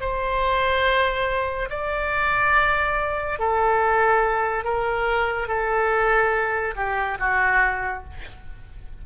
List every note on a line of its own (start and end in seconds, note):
0.00 1.69 C5
1.70 3.39 D5
3.39 4.64 A4
4.64 5.48 A#4
5.48 6.75 A4
6.76 7.18 G4
7.19 8.04 F#4